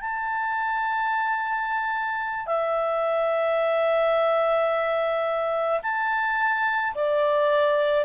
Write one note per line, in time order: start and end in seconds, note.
0.00 2.46 A5
2.46 5.79 E5
5.82 6.93 A5
6.94 8.05 D5